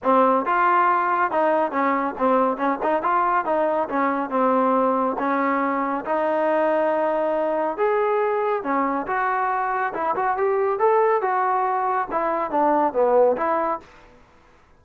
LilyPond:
\new Staff \with { instrumentName = "trombone" } { \time 4/4 \tempo 4 = 139 c'4 f'2 dis'4 | cis'4 c'4 cis'8 dis'8 f'4 | dis'4 cis'4 c'2 | cis'2 dis'2~ |
dis'2 gis'2 | cis'4 fis'2 e'8 fis'8 | g'4 a'4 fis'2 | e'4 d'4 b4 e'4 | }